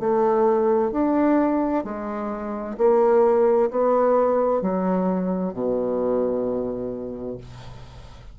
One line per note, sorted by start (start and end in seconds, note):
0.00 0.92 A3
0.92 1.84 D4
1.84 2.77 G#3
2.78 3.70 A#3
3.71 4.62 B3
4.62 5.53 F#3
5.53 7.38 B2